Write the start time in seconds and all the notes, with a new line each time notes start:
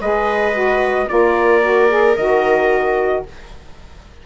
0.00 G#3 G#4 B4 D#5
0.52 F#4
1.07 A#3 F4 A#4 D5
1.62 F#4
1.88 G#4
2.16 D#3 F#4 D#5